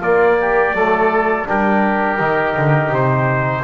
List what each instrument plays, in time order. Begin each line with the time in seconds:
0.00 double bass A#3, trombone A#3, oboe F4, trumpet D5
0.40 oboe G4
0.73 double bass F#3, trombone A3, oboe A4
1.45 double bass G3, trombone D4, oboe G4, trumpet A#4
2.20 double bass D#3, trombone D#4
2.56 double bass D3
2.90 double bass C3, trumpet C5